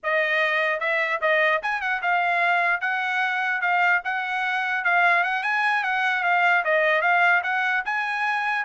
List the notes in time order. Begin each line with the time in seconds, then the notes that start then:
0.03 D#5
0.80 E5
1.21 D#5
1.62 G#5
1.81 F#5
2.02 F5
2.81 F#5
3.61 F5
4.04 F#5
4.84 F5
5.23 F#5
5.43 G#5
5.83 F#5
6.23 F5
6.64 D#5
7.01 F5
7.43 F#5
7.85 G#5